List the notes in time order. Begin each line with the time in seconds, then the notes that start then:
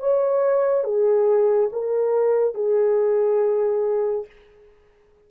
0.00 C#5
0.85 G#4
1.73 A#4
2.55 G#4